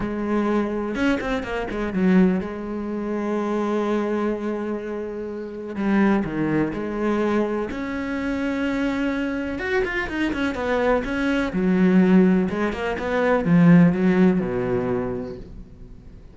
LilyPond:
\new Staff \with { instrumentName = "cello" } { \time 4/4 \tempo 4 = 125 gis2 cis'8 c'8 ais8 gis8 | fis4 gis2.~ | gis1 | g4 dis4 gis2 |
cis'1 | fis'8 f'8 dis'8 cis'8 b4 cis'4 | fis2 gis8 ais8 b4 | f4 fis4 b,2 | }